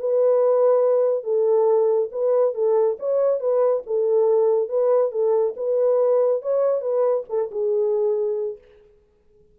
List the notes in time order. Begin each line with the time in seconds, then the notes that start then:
0.00 B4
1.24 A4
2.12 B4
2.55 A4
2.99 C#5
3.40 B4
3.87 A4
4.69 B4
5.12 A4
5.57 B4
6.42 C#5
6.81 B4
7.29 A4
7.51 G#4